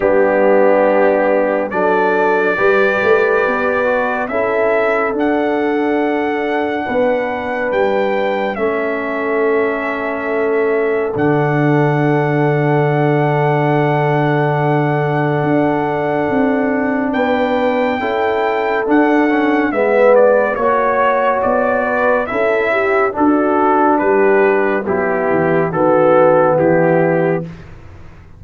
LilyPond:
<<
  \new Staff \with { instrumentName = "trumpet" } { \time 4/4 \tempo 4 = 70 g'2 d''2~ | d''4 e''4 fis''2~ | fis''4 g''4 e''2~ | e''4 fis''2.~ |
fis''1 | g''2 fis''4 e''8 d''8 | cis''4 d''4 e''4 a'4 | b'4 g'4 a'4 g'4 | }
  \new Staff \with { instrumentName = "horn" } { \time 4/4 d'2 a'4 b'4~ | b'4 a'2. | b'2 a'2~ | a'1~ |
a'1 | b'4 a'2 b'4 | cis''4. b'8 a'8 g'8 fis'4 | g'4 b4 fis'4 e'4 | }
  \new Staff \with { instrumentName = "trombone" } { \time 4/4 b2 d'4 g'4~ | g'8 fis'8 e'4 d'2~ | d'2 cis'2~ | cis'4 d'2.~ |
d'1~ | d'4 e'4 d'8 cis'8 b4 | fis'2 e'4 d'4~ | d'4 e'4 b2 | }
  \new Staff \with { instrumentName = "tuba" } { \time 4/4 g2 fis4 g8 a8 | b4 cis'4 d'2 | b4 g4 a2~ | a4 d2.~ |
d2 d'4 c'4 | b4 cis'4 d'4 gis4 | ais4 b4 cis'4 d'4 | g4 fis8 e8 dis4 e4 | }
>>